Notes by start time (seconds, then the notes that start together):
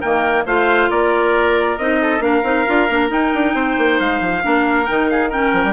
0.00 D#3 A#3 A#4 G5
0.45 A3 F4 C5 F5
0.90 A#3 A#4 D5
1.78 C4 D#4 D#5
2.01 A4
2.20 A#3 D4 A#4 F5
2.43 C4 D#4
2.66 D4 F4
2.89 A#3 D4
3.09 D#4 G5
3.34 D4
3.54 C4 C5
3.78 A#3
4.00 G#3 F5
4.20 F3
4.42 A#3 D4 A#4
4.86 D#3 D#4 G5
5.10 G#4 F5
5.29 C#4 A#4 G5
5.53 F3
5.64 G3